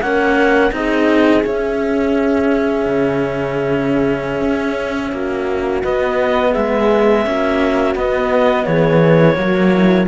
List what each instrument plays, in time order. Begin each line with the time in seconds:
0.00 cello A#3 C#4, horn A#4, clarinet F#5
0.70 cello C4 D#4, horn G#4, clarinet D#5
1.41 cello C#4, clarinet E5
2.85 cello C#3
4.41 cello C#4
5.12 cello A#3, horn F#4
5.83 cello B3, clarinet D#5
6.50 cello G#3, horn G#4, clarinet E5
7.24 cello A#3 C#4, horn F#4
7.95 cello B3, clarinet D#5
8.65 cello E3, horn G#4, clarinet C#5
9.34 cello F#3 A#3, horn F#4
9.72 horn E4